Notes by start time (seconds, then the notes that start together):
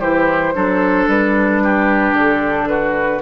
0.00 E3 E4 G4 C5
0.54 F#3 D4 A4
1.08 G3 B4
1.64 G4
2.13 D3 A4
2.68 F#4 B4